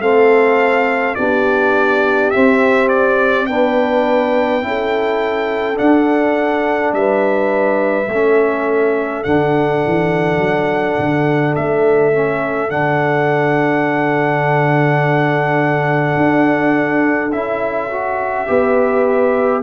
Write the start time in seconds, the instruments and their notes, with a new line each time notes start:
0.00 tuba A3, trombone C4, horn A4, trumpet F5
1.15 tuba B3, trombone D4, horn G4, trumpet D5
2.30 trombone C4, tuba C4, trumpet E5
2.88 trumpet D5
3.46 tuba B3, trombone D4, horn B4, trumpet G5
4.61 tuba C#4, trombone E4
4.67 horn A4
5.75 trombone D4, tuba D4, trumpet F#5
6.92 tuba G3, horn B4, trumpet E5
8.08 tuba A3, trombone C#4, horn A4
9.24 tuba D3, trombone D4, trumpet F#5
9.87 tuba E3
10.37 tuba F#3
10.99 tuba D3
11.55 tuba A3, trumpet E5
12.13 trombone C#4
12.69 tuba D3, trombone D4, trumpet F#5
16.17 tuba D4
17.32 tuba C#4, trombone E4, trumpet E5
17.91 trombone F#4
18.47 tuba B3, trombone G4, horn B4